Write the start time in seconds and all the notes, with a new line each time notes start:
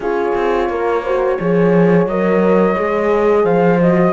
0.00 C#4 F4 G#4 C#5
0.34 C4
0.69 A#3 A#4
1.03 F#4 C5
1.38 F3 G#4 C#5
2.06 F#3 A#4 D#5
2.76 G#3 G#4
3.43 F3 C5 F5
3.80 F#4 D#5